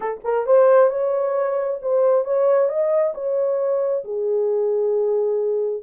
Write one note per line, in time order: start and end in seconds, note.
0.00 0.20 A4
0.24 0.46 A#4
0.46 0.90 C5
0.90 1.79 C#5
1.81 2.24 C5
2.24 2.68 C#5
2.68 3.13 D#5
3.14 4.03 C#5
4.04 5.83 G#4